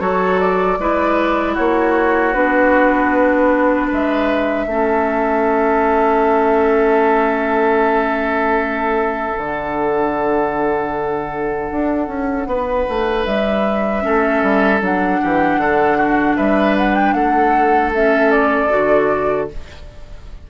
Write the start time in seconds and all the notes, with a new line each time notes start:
0.00 F#3 F#4 A4 C#5
0.40 D5
0.79 G#3 E4 B4
1.54 A#3 F#4 C#5
2.34 B3 D4 B4
3.88 G#3 B4
3.94 E5
4.67 A3 C#4 A4
9.37 D3 D4 F#5
11.72 D4
12.08 C#4
12.47 B3 B4
12.89 A3
13.26 G3 E5
14.02 A3 C#4 A4
14.43 G3
14.81 F#3 D4 F#5
15.22 E3 G4
15.57 D3 A4
15.98 F#4
16.37 G3 B4 E5
16.78 F#5
16.95 G5
17.14 A3 A4 F#5
17.95 C#4 E5
18.31 D5
18.70 D3 F#4